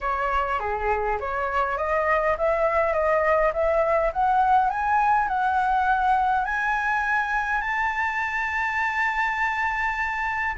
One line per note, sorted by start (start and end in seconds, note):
0.00 0.59 C#5
0.59 1.18 G#4
1.20 1.77 C#5
1.77 2.36 D#5
2.37 2.93 E5
2.93 3.52 D#5
3.53 4.12 E5
4.12 4.70 F#5
4.70 5.28 G#5
5.28 6.44 F#5
6.44 7.61 G#5
7.61 10.55 A5